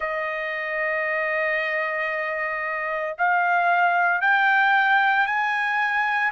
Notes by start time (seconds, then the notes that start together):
0.00 D#5
3.18 F5
4.21 G5
5.26 G#5